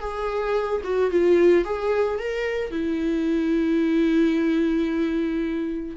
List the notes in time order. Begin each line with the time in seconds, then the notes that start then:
0.00 G#4
0.84 F#4
1.11 F4
1.65 G#4
2.19 A#4
2.71 E4